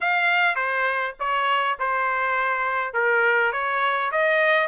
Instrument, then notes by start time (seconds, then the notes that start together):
trumpet
0.00 F5
0.55 C5
1.19 C#5
1.79 C5
2.93 A#4
3.52 C#5
4.11 D#5